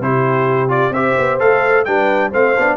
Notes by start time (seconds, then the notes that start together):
0.00 C3 E4 G4 C5
0.68 F4 D5
0.90 C4 G4 C5 E5
1.19 B3
1.40 A3 A4 F5
1.85 G3 D4 B4 G5
2.29 A3 C4 C5 F5
2.58 B3 D4